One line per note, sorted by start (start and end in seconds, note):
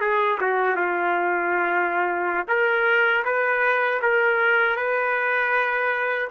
0.00 0.38 G#4
0.40 0.76 F#4
0.76 2.46 F4
2.48 3.23 A#4
3.24 4.00 B4
4.01 4.76 A#4
4.76 6.28 B4